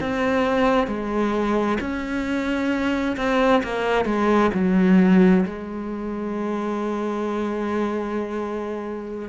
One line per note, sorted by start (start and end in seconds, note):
0.00 0.87 C4
0.87 1.78 G#3
1.80 3.16 C#4
3.17 3.62 C4
3.63 4.05 A#3
4.05 4.50 G#3
4.54 5.45 F#3
5.45 9.29 G#3